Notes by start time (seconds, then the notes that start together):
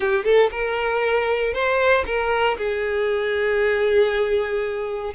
0.00 G4
0.24 A4
0.51 A#4
1.53 C5
2.06 A#4
2.57 G#4